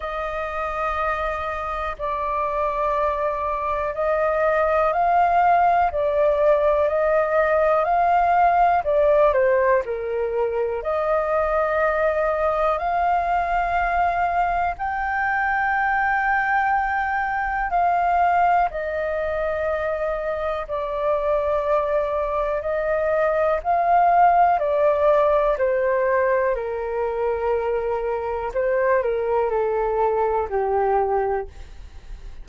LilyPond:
\new Staff \with { instrumentName = "flute" } { \time 4/4 \tempo 4 = 61 dis''2 d''2 | dis''4 f''4 d''4 dis''4 | f''4 d''8 c''8 ais'4 dis''4~ | dis''4 f''2 g''4~ |
g''2 f''4 dis''4~ | dis''4 d''2 dis''4 | f''4 d''4 c''4 ais'4~ | ais'4 c''8 ais'8 a'4 g'4 | }